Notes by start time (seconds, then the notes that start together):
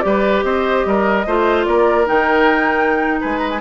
0.00 G3 G4 D5
0.06 B4
0.43 C4 C5 D#5
0.85 G3 A#4
1.26 A3 F4 C5
1.65 A#3 A#4 D5
2.05 D#3 D#4 G5
3.20 G#3 B4 G#5
3.38 A#5
3.50 G#5